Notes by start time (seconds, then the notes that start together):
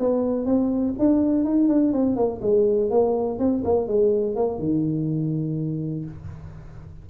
0.00 B3
0.46 C4
0.99 D4
1.45 D#4
1.69 D4
1.93 C4
2.16 A#3
2.42 G#3
2.91 A#3
3.39 C4
3.65 A#3
3.88 G#3
4.36 A#3
4.59 D#3